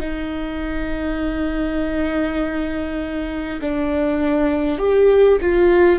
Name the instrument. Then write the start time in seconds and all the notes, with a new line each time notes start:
viola
0.00 D#4
3.61 D4
4.78 G4
5.42 F4